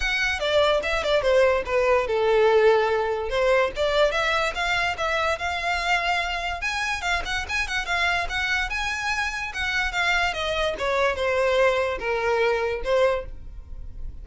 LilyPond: \new Staff \with { instrumentName = "violin" } { \time 4/4 \tempo 4 = 145 fis''4 d''4 e''8 d''8 c''4 | b'4 a'2. | c''4 d''4 e''4 f''4 | e''4 f''2. |
gis''4 f''8 fis''8 gis''8 fis''8 f''4 | fis''4 gis''2 fis''4 | f''4 dis''4 cis''4 c''4~ | c''4 ais'2 c''4 | }